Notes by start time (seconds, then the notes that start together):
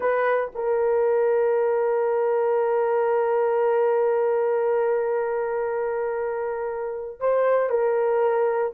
0.00 B4
0.54 A#4
7.20 C5
7.69 A#4